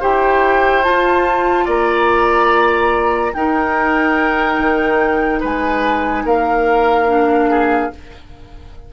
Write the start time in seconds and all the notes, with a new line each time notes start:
0.00 E4 G4 C5 G5
0.83 F4 A5
1.65 A#3 D5 A#5
3.33 D#4 A#4 G5
4.59 D#3
5.40 G#3 B4 G#5
6.25 A#3 A#4 F5
7.07 D4
7.50 G#4